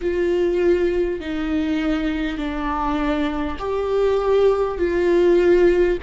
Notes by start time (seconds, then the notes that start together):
0.01 F4
1.20 D#4
2.37 D4
3.58 G4
4.78 F4